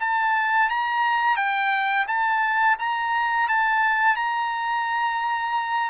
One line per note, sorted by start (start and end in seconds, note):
0.00 0.69 A5
0.69 1.36 A#5
1.36 2.06 G5
2.07 2.77 A5
2.79 3.49 A#5
3.49 4.16 A5
4.16 5.90 A#5